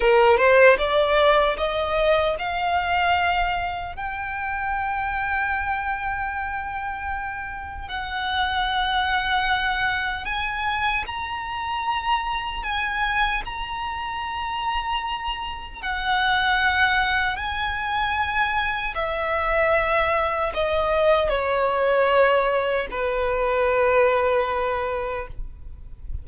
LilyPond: \new Staff \with { instrumentName = "violin" } { \time 4/4 \tempo 4 = 76 ais'8 c''8 d''4 dis''4 f''4~ | f''4 g''2.~ | g''2 fis''2~ | fis''4 gis''4 ais''2 |
gis''4 ais''2. | fis''2 gis''2 | e''2 dis''4 cis''4~ | cis''4 b'2. | }